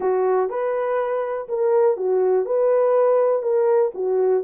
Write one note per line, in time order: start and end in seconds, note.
0.00 0.49 F#4
0.49 1.48 B4
1.48 1.96 A#4
1.96 2.45 F#4
2.45 3.42 B4
3.42 3.91 A#4
3.94 4.43 F#4